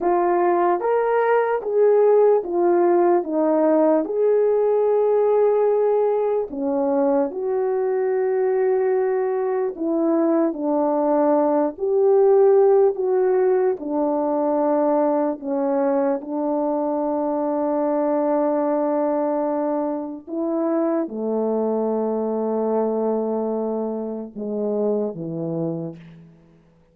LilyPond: \new Staff \with { instrumentName = "horn" } { \time 4/4 \tempo 4 = 74 f'4 ais'4 gis'4 f'4 | dis'4 gis'2. | cis'4 fis'2. | e'4 d'4. g'4. |
fis'4 d'2 cis'4 | d'1~ | d'4 e'4 a2~ | a2 gis4 e4 | }